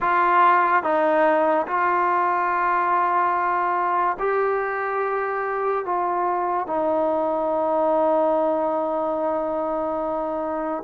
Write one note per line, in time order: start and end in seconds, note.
0.00 0.83 F4
0.83 1.66 D#4
1.67 4.17 F4
4.19 5.85 G4
5.85 6.66 F4
6.66 10.83 D#4